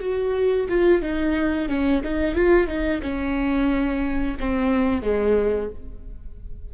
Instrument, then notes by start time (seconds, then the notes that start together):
viola
0.00 F#4
0.70 F4
1.02 D#4
1.69 C#4
2.04 D#4
2.35 F4
2.68 D#4
3.03 C#4
4.40 C4
5.02 G#3